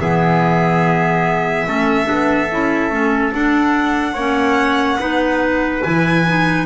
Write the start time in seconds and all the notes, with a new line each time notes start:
0.00 E3 B3 G#4 E5
1.67 A3 C#4 A4
2.05 B3 D4
2.52 C#4 E4
2.90 A3 C#4
3.33 D4 F#5
4.14 A#3 C#4 C#5
4.99 B3 D#4 B4
5.83 E3 E4 G#5
6.27 D#4